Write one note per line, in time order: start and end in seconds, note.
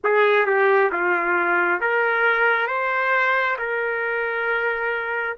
0.04 0.46 G#4
0.46 0.90 G4
0.92 1.80 F4
1.80 2.67 A#4
2.67 3.56 C5
3.58 5.37 A#4